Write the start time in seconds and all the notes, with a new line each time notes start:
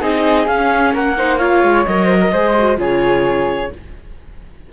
0.00 C4 D#4 G#4 D#5
0.47 C#4 F5
0.93 A#3 A#4 F#5
1.16 D#4 C5
1.38 F4 C#5 F5
1.63 G#3
1.85 F#3 A#4 D#5
2.05 C5
2.19 A#4
2.32 G#3 G#4 C5
2.58 F#4
2.76 C#3 F4 G#4 C#5